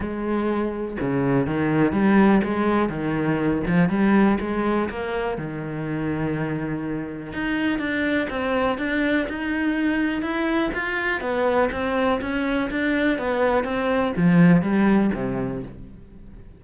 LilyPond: \new Staff \with { instrumentName = "cello" } { \time 4/4 \tempo 4 = 123 gis2 cis4 dis4 | g4 gis4 dis4. f8 | g4 gis4 ais4 dis4~ | dis2. dis'4 |
d'4 c'4 d'4 dis'4~ | dis'4 e'4 f'4 b4 | c'4 cis'4 d'4 b4 | c'4 f4 g4 c4 | }